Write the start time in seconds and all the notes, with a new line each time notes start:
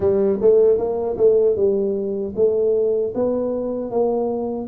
0.00 G3
0.41 A3
0.78 A#3
1.17 A3
1.56 G3
2.35 A3
3.14 B3
3.90 A#3